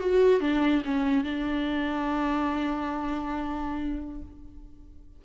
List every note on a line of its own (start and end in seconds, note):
0.00 0.41 F#4
0.41 0.83 D4
0.85 1.24 C#4
1.24 4.22 D4